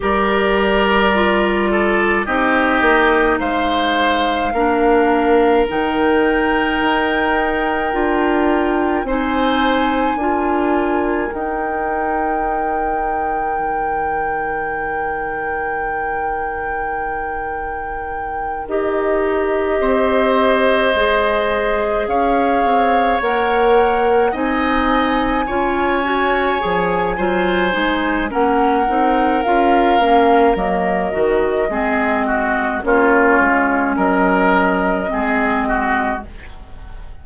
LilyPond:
<<
  \new Staff \with { instrumentName = "flute" } { \time 4/4 \tempo 4 = 53 d''2 dis''4 f''4~ | f''4 g''2. | gis''2 g''2~ | g''1~ |
g''8 dis''2. f''8~ | f''8 fis''4 gis''2~ gis''8~ | gis''4 fis''4 f''4 dis''4~ | dis''4 cis''4 dis''2 | }
  \new Staff \with { instrumentName = "oboe" } { \time 4/4 ais'4. a'8 g'4 c''4 | ais'1 | c''4 ais'2.~ | ais'1~ |
ais'4. c''2 cis''8~ | cis''4. dis''4 cis''4. | c''4 ais'2. | gis'8 fis'8 f'4 ais'4 gis'8 fis'8 | }
  \new Staff \with { instrumentName = "clarinet" } { \time 4/4 g'4 f'4 dis'2 | d'4 dis'2 f'4 | dis'4 f'4 dis'2~ | dis'1~ |
dis'8 g'2 gis'4.~ | gis'8 ais'4 dis'4 f'8 fis'8 gis'8 | f'8 dis'8 cis'8 dis'8 f'8 cis'8 ais8 fis'8 | c'4 cis'2 c'4 | }
  \new Staff \with { instrumentName = "bassoon" } { \time 4/4 g2 c'8 ais8 gis4 | ais4 dis4 dis'4 d'4 | c'4 d'4 dis'2 | dis1~ |
dis8 dis'4 c'4 gis4 cis'8 | c'8 ais4 c'4 cis'4 f8 | fis8 gis8 ais8 c'8 cis'8 ais8 fis8 dis8 | gis4 ais8 gis8 fis4 gis4 | }
>>